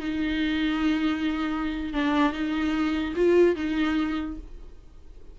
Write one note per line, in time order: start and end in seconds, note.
0.00 1.94 D#4
1.94 2.33 D4
2.33 3.14 D#4
3.16 3.56 F4
3.56 4.38 D#4